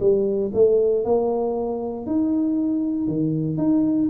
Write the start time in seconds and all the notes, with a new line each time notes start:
0.00 G3
0.54 A3
1.05 A#3
2.06 D#4
3.07 D#3
3.58 D#4